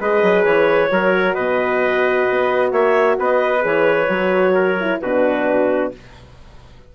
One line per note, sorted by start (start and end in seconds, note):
0.00 0.23 G#3
0.00 0.89 G#4
0.00 0.91 B4
0.00 0.44 D#5
0.23 0.45 F#3
0.44 0.91 E3
0.44 1.34 C#5
0.89 1.36 F#3
0.89 3.61 F#4
0.89 1.35 A#4
1.34 2.27 B2
1.34 2.71 B4
1.34 2.71 D#5
2.30 2.72 B3
2.72 3.18 A#3
2.72 3.17 C#5
2.72 3.17 E5
3.19 3.64 B3
3.19 4.54 B4
3.19 3.65 D#5
3.61 4.08 E3
3.61 4.06 G#4
3.61 5.01 C#5
4.08 4.99 F#3
4.08 4.77 F#4
4.54 5.00 A#4
4.81 5.03 E4
5.01 5.93 B2
5.01 5.95 D4
5.01 5.93 F#4
5.01 5.92 B4